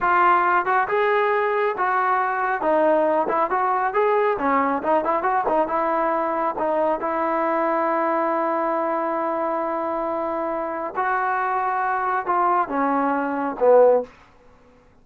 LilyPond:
\new Staff \with { instrumentName = "trombone" } { \time 4/4 \tempo 4 = 137 f'4. fis'8 gis'2 | fis'2 dis'4. e'8 | fis'4 gis'4 cis'4 dis'8 e'8 | fis'8 dis'8 e'2 dis'4 |
e'1~ | e'1~ | e'4 fis'2. | f'4 cis'2 b4 | }